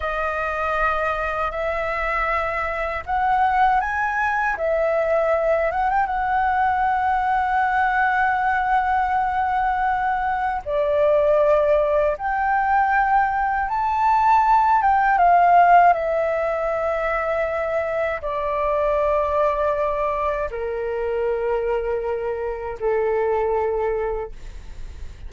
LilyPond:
\new Staff \with { instrumentName = "flute" } { \time 4/4 \tempo 4 = 79 dis''2 e''2 | fis''4 gis''4 e''4. fis''16 g''16 | fis''1~ | fis''2 d''2 |
g''2 a''4. g''8 | f''4 e''2. | d''2. ais'4~ | ais'2 a'2 | }